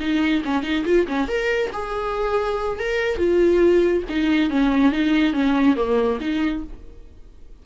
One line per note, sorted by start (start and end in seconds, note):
0.00 0.43 D#4
0.45 0.63 C#4
0.63 0.84 D#4
0.85 1.07 F4
1.08 1.28 C#4
1.28 1.71 A#4
1.73 2.79 G#4
2.79 3.18 A#4
3.18 4.03 F4
4.09 4.50 D#4
4.50 4.92 C#4
4.92 5.33 D#4
5.33 5.76 C#4
5.76 6.19 A#3
6.20 6.63 D#4